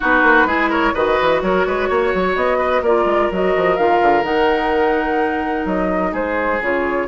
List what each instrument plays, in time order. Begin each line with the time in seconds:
0.00 bassoon B3, clarinet D#4, oboe F#4, flute B4
0.22 bassoon A#3
0.45 bassoon G#3, clarinet E4, oboe G#4
0.69 oboe A#4, flute C#5
0.94 bassoon D#3, clarinet F#4, oboe B4, flute D#5
1.20 bassoon E3
1.41 bassoon F#3, oboe A#4, flute C#5
1.65 bassoon G#3, oboe B4
1.88 bassoon A#3, oboe C#5
2.14 bassoon F#3
2.35 bassoon B3, flute D#5
2.58 oboe B4
2.81 bassoon A#3, clarinet F4, oboe A#4, flute D5
3.05 bassoon G#3
3.31 bassoon F#3, clarinet F#4, flute D#5
3.56 bassoon F3
3.76 bassoon D#3, clarinet F4, flute F5
4.01 bassoon D3
4.23 bassoon D#3, clarinet D#4, flute F#5
5.65 bassoon F#3, flute D#5
6.12 bassoon G#3, oboe G#4, flute C5
6.61 bassoon C#3, clarinet F4, flute C#5